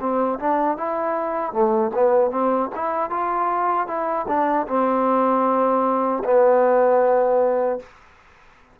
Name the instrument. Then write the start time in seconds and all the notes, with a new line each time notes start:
trombone
0.00 C4
0.39 D4
0.78 E4
1.53 A3
1.94 B3
2.31 C4
2.76 E4
3.10 F4
3.87 E4
4.28 D4
4.68 C4
6.24 B3